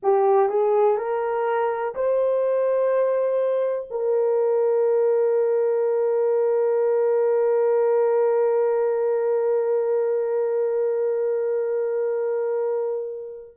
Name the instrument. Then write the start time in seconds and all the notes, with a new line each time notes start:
horn
0.03 G4
0.49 G#4
0.97 A#4
1.94 C5
3.90 A#4